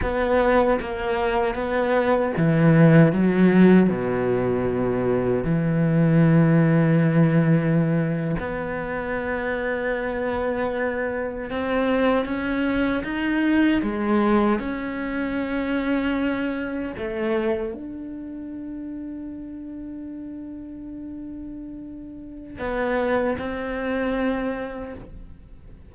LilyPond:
\new Staff \with { instrumentName = "cello" } { \time 4/4 \tempo 4 = 77 b4 ais4 b4 e4 | fis4 b,2 e4~ | e2~ e8. b4~ b16~ | b2~ b8. c'4 cis'16~ |
cis'8. dis'4 gis4 cis'4~ cis'16~ | cis'4.~ cis'16 a4 d'4~ d'16~ | d'1~ | d'4 b4 c'2 | }